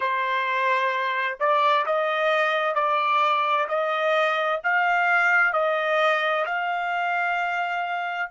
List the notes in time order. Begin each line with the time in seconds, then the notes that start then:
0.00 C5
1.39 D5
1.86 D#5
2.74 D5
3.68 D#5
4.63 F5
5.53 D#5
6.45 F5